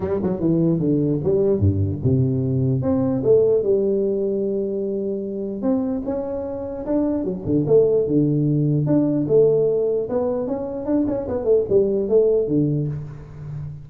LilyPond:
\new Staff \with { instrumentName = "tuba" } { \time 4/4 \tempo 4 = 149 g8 fis8 e4 d4 g4 | g,4 c2 c'4 | a4 g2.~ | g2 c'4 cis'4~ |
cis'4 d'4 fis8 d8 a4 | d2 d'4 a4~ | a4 b4 cis'4 d'8 cis'8 | b8 a8 g4 a4 d4 | }